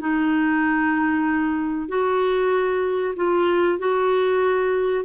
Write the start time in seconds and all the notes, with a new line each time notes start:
0.00 D#4
1.88 F#4
3.16 F4
3.79 F#4